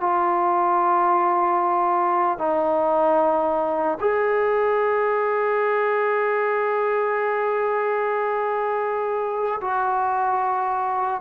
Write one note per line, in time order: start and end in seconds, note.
0.00 2.38 F4
2.38 3.98 D#4
4.00 9.60 G#4
9.61 11.21 F#4